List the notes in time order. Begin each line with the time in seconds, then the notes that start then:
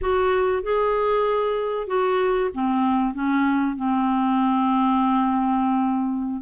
0.01 F#4
0.62 G#4
1.87 F#4
2.54 C4
3.14 C#4
3.76 C4